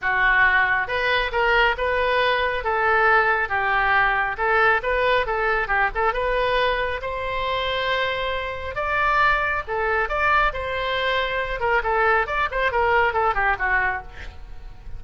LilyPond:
\new Staff \with { instrumentName = "oboe" } { \time 4/4 \tempo 4 = 137 fis'2 b'4 ais'4 | b'2 a'2 | g'2 a'4 b'4 | a'4 g'8 a'8 b'2 |
c''1 | d''2 a'4 d''4 | c''2~ c''8 ais'8 a'4 | d''8 c''8 ais'4 a'8 g'8 fis'4 | }